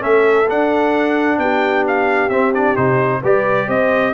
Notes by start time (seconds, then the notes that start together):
0.00 A3 C#4 A4 E5
0.49 D4 F#5
1.38 B3 G4 G5
1.88 F5
2.30 C4 E5
2.55 D4 D5
2.77 C3 D#4 C5
3.22 G3 G4 B4 D5
3.68 C4 C5 D#5